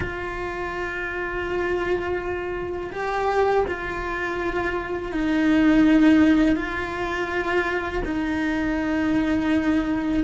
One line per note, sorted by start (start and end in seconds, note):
0.00 2.90 F4
2.92 3.65 G4
3.68 5.12 F4
5.12 6.56 D#4
6.56 8.02 F4
8.05 10.23 D#4